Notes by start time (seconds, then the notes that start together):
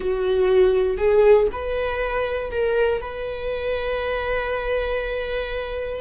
0.00 F#4
0.97 G#4
1.52 B4
2.50 A#4
3.01 B4